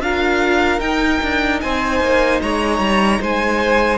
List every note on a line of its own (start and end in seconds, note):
0.00 0.80 D4
0.00 0.80 F4
0.00 1.63 A#4
0.00 0.81 F5
0.80 3.99 D#4
0.80 1.21 D#4
0.80 1.61 G5
1.23 1.63 D4
1.61 2.01 C4
1.61 2.42 C5
1.61 2.41 G#5
2.01 2.41 A#3
2.42 2.79 G#3
2.42 3.21 C#5
2.42 3.23 A#5
2.79 3.19 G3
3.21 3.99 G#3
3.21 3.99 C5
3.21 3.99 G#5